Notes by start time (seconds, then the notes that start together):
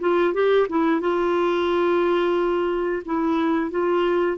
0.00 F4
0.33 G4
0.69 E4
1.00 F4
3.05 E4
3.70 F4